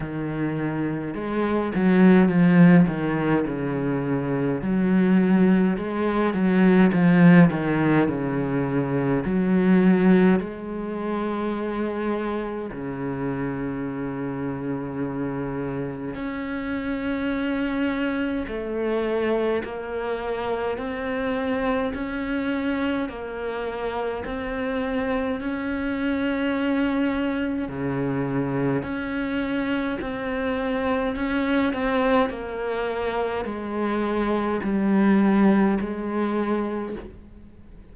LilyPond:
\new Staff \with { instrumentName = "cello" } { \time 4/4 \tempo 4 = 52 dis4 gis8 fis8 f8 dis8 cis4 | fis4 gis8 fis8 f8 dis8 cis4 | fis4 gis2 cis4~ | cis2 cis'2 |
a4 ais4 c'4 cis'4 | ais4 c'4 cis'2 | cis4 cis'4 c'4 cis'8 c'8 | ais4 gis4 g4 gis4 | }